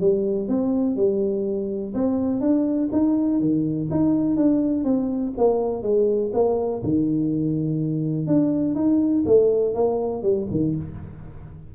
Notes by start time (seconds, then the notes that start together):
0.00 G3
0.48 C4
0.96 G3
1.94 C4
2.40 D4
2.92 D#4
3.40 D#3
3.90 D#4
4.36 D4
4.84 C4
5.37 A#3
5.82 G#3
6.33 A#3
6.83 D#3
8.27 D4
8.75 D#4
9.25 A3
9.74 A#3
10.22 G3
10.50 D#3